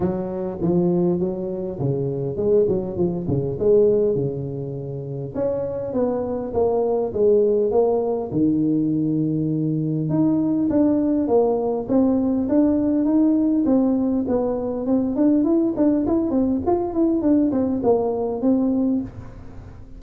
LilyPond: \new Staff \with { instrumentName = "tuba" } { \time 4/4 \tempo 4 = 101 fis4 f4 fis4 cis4 | gis8 fis8 f8 cis8 gis4 cis4~ | cis4 cis'4 b4 ais4 | gis4 ais4 dis2~ |
dis4 dis'4 d'4 ais4 | c'4 d'4 dis'4 c'4 | b4 c'8 d'8 e'8 d'8 e'8 c'8 | f'8 e'8 d'8 c'8 ais4 c'4 | }